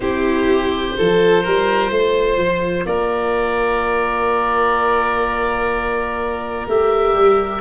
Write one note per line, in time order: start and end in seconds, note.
0.00 0.94 C4
0.00 0.95 E4
0.00 0.96 G4
0.00 2.84 C5
0.95 1.46 F3
0.95 6.66 F4
0.95 1.43 A4
1.43 1.90 G3
1.43 1.90 A#4
1.90 2.37 A3
1.90 2.86 C5
2.37 2.85 F3
2.85 6.66 A#3
2.85 7.60 A#4
2.85 6.67 D5
6.67 7.13 A3
6.67 7.60 G4
6.67 7.60 E5
7.13 7.60 G3